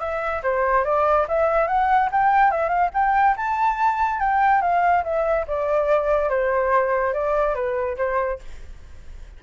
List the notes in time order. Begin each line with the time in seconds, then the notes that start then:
0.00 E5
0.43 C5
0.85 D5
1.28 E5
1.68 F#5
2.12 G5
2.51 E5
2.69 F5
2.94 G5
3.37 A5
4.20 G5
4.62 F5
5.04 E5
5.48 D5
6.30 C5
7.14 D5
7.55 B4
7.97 C5